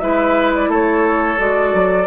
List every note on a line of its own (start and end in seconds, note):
0.00 0.69 G#3
0.00 1.38 E4
0.00 0.70 B4
0.00 0.52 E5
0.55 0.72 D5
0.69 1.37 A3
0.69 2.07 A4
0.69 1.40 C#5
1.38 1.74 G#3
1.38 2.07 F#4
1.38 2.07 D5
1.74 2.07 F#3